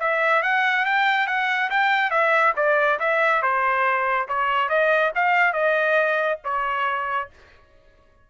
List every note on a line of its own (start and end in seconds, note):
0.00 0.43 E5
0.43 0.86 F#5
0.86 1.27 G5
1.27 1.70 F#5
1.70 2.11 G5
2.11 2.54 E5
2.57 2.99 D5
3.00 3.43 E5
3.43 4.28 C5
4.29 4.69 C#5
4.69 5.12 D#5
5.15 5.54 F5
5.54 6.39 D#5
6.45 7.30 C#5